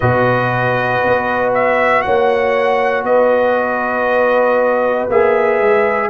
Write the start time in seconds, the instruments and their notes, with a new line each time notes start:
0.00 tuba B2, trombone F#4, horn B4, trumpet D#5
1.04 tuba B3
1.54 trumpet E5
2.01 tuba A#3, horn C#5, trumpet F#5
3.03 tuba B3, horn B4, trumpet D#5
5.09 tuba A#3, trombone G#4, trumpet E5
5.60 tuba G#3